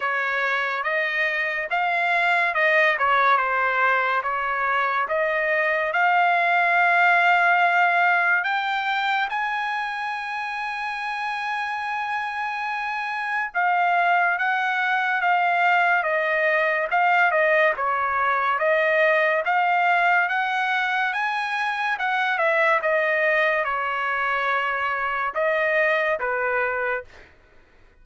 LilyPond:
\new Staff \with { instrumentName = "trumpet" } { \time 4/4 \tempo 4 = 71 cis''4 dis''4 f''4 dis''8 cis''8 | c''4 cis''4 dis''4 f''4~ | f''2 g''4 gis''4~ | gis''1 |
f''4 fis''4 f''4 dis''4 | f''8 dis''8 cis''4 dis''4 f''4 | fis''4 gis''4 fis''8 e''8 dis''4 | cis''2 dis''4 b'4 | }